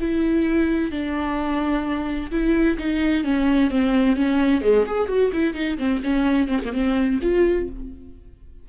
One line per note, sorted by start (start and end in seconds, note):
0.00 0.91 E4
0.91 2.31 D4
2.31 2.78 E4
2.78 3.24 D#4
3.24 3.70 C#4
3.70 4.16 C4
4.16 4.62 C#4
4.62 4.85 G#3
4.86 5.08 G#4
5.08 5.31 F#4
5.33 5.54 E4
5.54 5.77 D#4
5.78 6.01 C4
6.04 6.48 C#4
6.48 6.60 C4
6.65 6.73 A#3
6.73 7.19 C4
7.22 7.69 F4